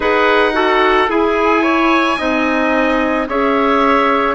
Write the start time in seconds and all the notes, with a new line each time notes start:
0.00 D#4 G#4 B4 F#5
0.52 F#4 A4
1.08 E4 G#4 G#5
1.62 C#5
2.17 C4 D#4 D#5
3.28 C#4 G#4 C#5 E5